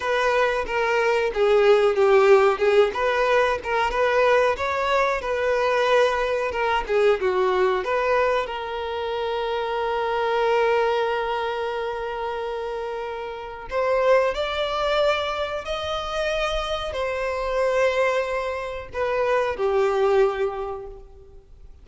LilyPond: \new Staff \with { instrumentName = "violin" } { \time 4/4 \tempo 4 = 92 b'4 ais'4 gis'4 g'4 | gis'8 b'4 ais'8 b'4 cis''4 | b'2 ais'8 gis'8 fis'4 | b'4 ais'2.~ |
ais'1~ | ais'4 c''4 d''2 | dis''2 c''2~ | c''4 b'4 g'2 | }